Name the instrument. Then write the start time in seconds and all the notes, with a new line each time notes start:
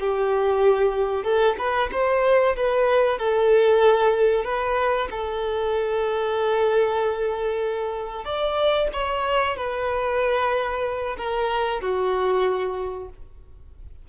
violin
0.00 G4
1.24 A4
1.58 B4
1.92 C5
2.56 B4
3.18 A4
4.44 B4
5.11 A4
8.25 D5
8.93 C#5
9.57 B4
11.17 A#4
11.81 F#4